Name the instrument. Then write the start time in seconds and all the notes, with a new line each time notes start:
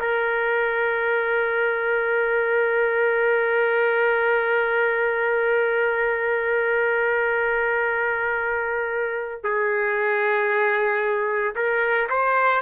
trumpet
0.00 A#4
9.44 G#4
11.56 A#4
12.10 C5